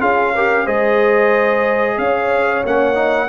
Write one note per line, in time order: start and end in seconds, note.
0.00 0.67 C#4
0.00 0.33 F4
0.00 0.33 G#4
0.00 0.67 F5
0.34 0.66 G4
0.34 0.65 A#4
0.65 1.98 G#3
0.65 2.64 G#4
0.65 1.96 C5
0.65 1.98 D#5
1.98 2.64 C#4
1.98 3.29 C#5
1.98 2.64 F5
2.65 3.29 A#3
2.65 2.94 C#4
2.65 3.29 F#5
2.94 3.27 D#4